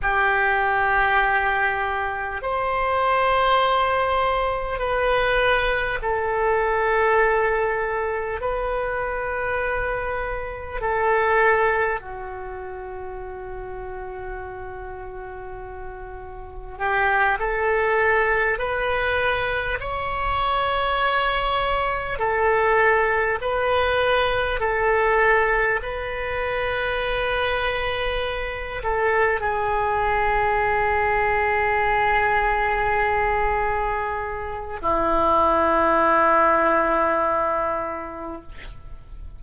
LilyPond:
\new Staff \with { instrumentName = "oboe" } { \time 4/4 \tempo 4 = 50 g'2 c''2 | b'4 a'2 b'4~ | b'4 a'4 fis'2~ | fis'2 g'8 a'4 b'8~ |
b'8 cis''2 a'4 b'8~ | b'8 a'4 b'2~ b'8 | a'8 gis'2.~ gis'8~ | gis'4 e'2. | }